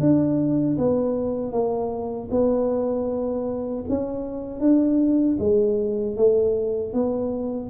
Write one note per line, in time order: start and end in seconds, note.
0.00 0.77 D4
0.77 1.51 B3
1.51 2.28 A#3
2.30 3.84 B3
3.89 4.60 C#4
4.60 5.37 D4
5.39 6.16 G#3
6.16 6.93 A3
6.93 7.69 B3